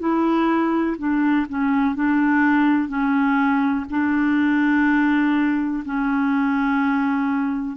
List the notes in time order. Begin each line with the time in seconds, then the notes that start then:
0.00 E4
0.99 D4
1.50 C#4
1.96 D4
2.89 C#4
3.90 D4
5.85 C#4